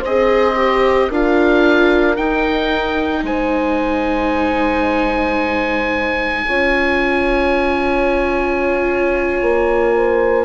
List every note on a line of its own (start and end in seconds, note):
0.00 1.10 C4
0.00 0.56 G#4
0.00 1.07 C5
0.00 1.12 D#5
0.56 1.09 G4
1.08 2.18 D4
1.08 2.17 F4
1.08 3.23 A#4
1.08 2.17 F5
2.17 6.46 D#4
2.17 3.23 D#4
2.17 3.24 G5
3.23 6.45 G#3
3.23 6.47 C5
3.23 10.45 G#5
6.47 9.42 C#4
6.47 10.45 F4
6.47 9.95 C#5
9.42 10.45 A#3
9.96 10.45 C5